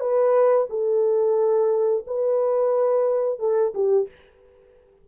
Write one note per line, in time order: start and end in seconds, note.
0.00 0.67 B4
0.70 2.05 A4
2.07 3.40 B4
3.40 3.73 A4
3.74 4.08 G4